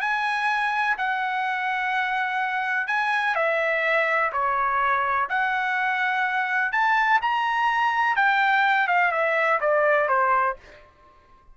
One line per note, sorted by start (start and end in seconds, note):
0.00 0.96 G#5
0.98 2.87 F#5
2.87 3.35 G#5
3.35 4.31 E5
4.32 5.28 C#5
5.29 6.72 F#5
6.72 7.20 A5
7.22 8.16 A#5
8.16 8.88 G5
8.88 9.12 F5
9.12 9.60 E5
9.60 10.08 D5
10.08 10.56 C5